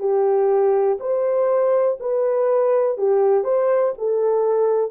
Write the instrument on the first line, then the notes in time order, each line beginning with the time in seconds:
horn
0.00 G4
1.00 C5
2.00 B4
2.98 G4
3.45 C5
3.99 A4